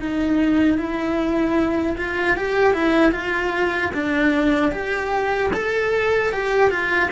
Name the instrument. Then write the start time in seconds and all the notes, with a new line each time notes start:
cello
0.00 D#4
0.78 E4
1.97 F4
2.36 G4
2.73 E4
3.12 F4
3.94 D4
4.71 G4
5.53 A4
6.32 G4
6.70 F4